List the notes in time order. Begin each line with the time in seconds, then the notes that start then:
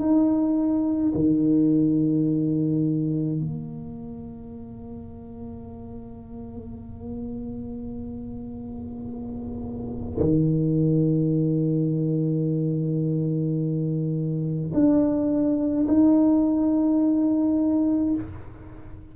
0.00 D#4
1.15 D#3
3.40 A#3
10.20 D#3
14.74 D4
15.88 D#4